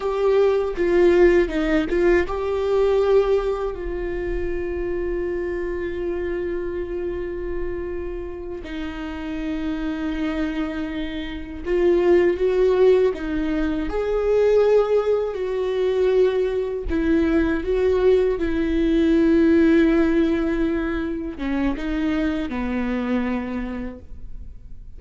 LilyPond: \new Staff \with { instrumentName = "viola" } { \time 4/4 \tempo 4 = 80 g'4 f'4 dis'8 f'8 g'4~ | g'4 f'2.~ | f'2.~ f'8 dis'8~ | dis'2.~ dis'8 f'8~ |
f'8 fis'4 dis'4 gis'4.~ | gis'8 fis'2 e'4 fis'8~ | fis'8 e'2.~ e'8~ | e'8 cis'8 dis'4 b2 | }